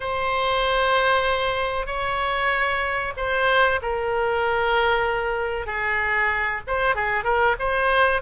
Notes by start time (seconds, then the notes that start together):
0.00 C5
1.86 C#5
3.16 C5
3.82 A#4
5.66 G#4
6.67 C5
6.95 G#4
7.23 A#4
7.59 C5